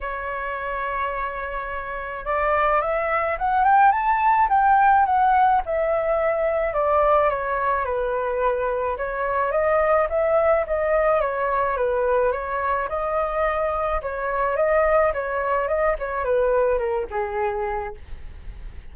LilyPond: \new Staff \with { instrumentName = "flute" } { \time 4/4 \tempo 4 = 107 cis''1 | d''4 e''4 fis''8 g''8 a''4 | g''4 fis''4 e''2 | d''4 cis''4 b'2 |
cis''4 dis''4 e''4 dis''4 | cis''4 b'4 cis''4 dis''4~ | dis''4 cis''4 dis''4 cis''4 | dis''8 cis''8 b'4 ais'8 gis'4. | }